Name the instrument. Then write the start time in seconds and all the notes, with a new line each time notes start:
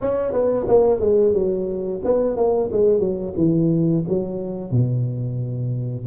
tuba
0.01 C#4
0.32 B3
0.67 A#3
1.00 G#3
1.33 F#3
2.04 B3
2.36 A#3
2.72 G#3
2.99 F#3
3.36 E3
4.08 F#3
4.71 B2